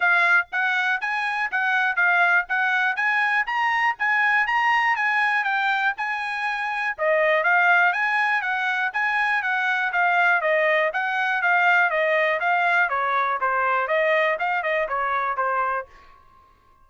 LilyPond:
\new Staff \with { instrumentName = "trumpet" } { \time 4/4 \tempo 4 = 121 f''4 fis''4 gis''4 fis''4 | f''4 fis''4 gis''4 ais''4 | gis''4 ais''4 gis''4 g''4 | gis''2 dis''4 f''4 |
gis''4 fis''4 gis''4 fis''4 | f''4 dis''4 fis''4 f''4 | dis''4 f''4 cis''4 c''4 | dis''4 f''8 dis''8 cis''4 c''4 | }